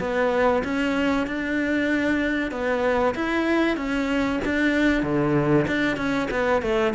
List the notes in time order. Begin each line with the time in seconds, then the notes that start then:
0.00 B3
0.64 C#4
1.27 D4
2.51 B3
3.15 E4
3.77 C#4
4.45 D4
5.03 D3
5.67 D4
5.97 C#4
6.31 B3
6.63 A3